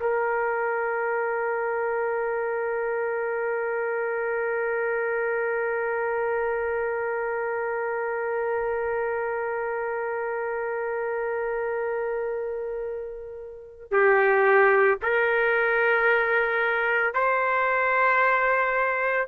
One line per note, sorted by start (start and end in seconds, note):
0.00 13.91 A#4
13.91 14.99 G4
15.02 17.14 A#4
17.14 19.28 C5